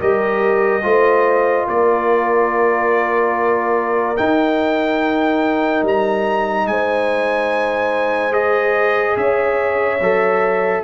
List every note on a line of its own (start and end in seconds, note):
0.00 0.84 G3
0.00 0.83 G4
0.00 0.84 A#4
0.00 1.68 D#5
0.83 1.68 A3
0.83 4.16 F4
0.83 1.68 C5
1.68 4.18 A#3
1.68 6.68 A#4
1.68 4.17 D5
4.17 8.32 D#4
4.17 5.83 D#4
4.17 5.84 G5
5.83 6.66 G3
5.83 6.68 A#5
6.66 9.16 G#3
6.66 9.19 C5
6.66 8.33 G#5
8.32 9.99 G#4
8.32 9.17 D#5
9.17 10.00 C#4
9.17 10.84 C#5
9.17 10.84 E5
10.00 10.84 F#3
10.00 10.84 A4